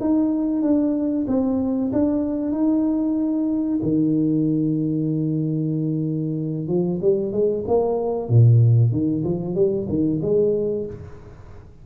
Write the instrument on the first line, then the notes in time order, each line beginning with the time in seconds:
tuba
0.00 D#4
0.62 D4
1.27 C4
1.92 D4
2.51 D#4
3.82 D#3
6.67 F3
7.01 G3
7.32 G#3
7.67 A#3
8.29 A#2
8.91 D#3
9.24 F3
9.55 G3
9.88 D#3
10.22 G#3